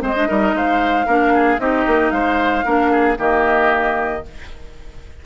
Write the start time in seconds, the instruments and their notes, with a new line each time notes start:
0.00 bassoon G#3, clarinet C4, oboe C5, flute D#5
0.16 clarinet D4
0.26 bassoon G3, clarinet D#4, oboe A#4
0.54 bassoon G#3, oboe C5, flute F5
1.06 bassoon A#3, clarinet D4, oboe A#4
1.34 oboe G#4
1.59 bassoon C4, clarinet D#4, oboe G4, flute D#5
1.87 bassoon A#3
2.11 bassoon G#3, oboe C5, flute F5
2.64 bassoon A#3, clarinet D4, oboe A#4
2.91 oboe G#4
3.17 bassoon D#3, clarinet A#3, oboe G4, flute D#5